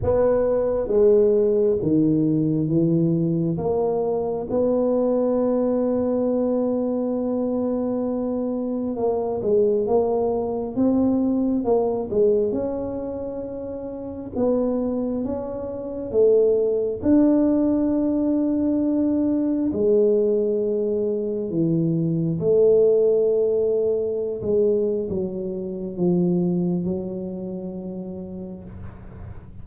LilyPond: \new Staff \with { instrumentName = "tuba" } { \time 4/4 \tempo 4 = 67 b4 gis4 dis4 e4 | ais4 b2.~ | b2 ais8 gis8 ais4 | c'4 ais8 gis8 cis'2 |
b4 cis'4 a4 d'4~ | d'2 gis2 | e4 a2~ a16 gis8. | fis4 f4 fis2 | }